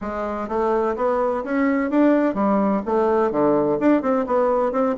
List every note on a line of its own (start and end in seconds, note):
0.01 0.48 G#3
0.48 0.95 A3
0.96 1.43 B3
1.43 1.90 C#4
1.90 2.34 D4
2.34 2.81 G3
2.85 3.31 A3
3.31 3.78 D3
3.79 4.02 D4
4.02 4.25 C4
4.26 4.71 B3
4.71 4.95 C4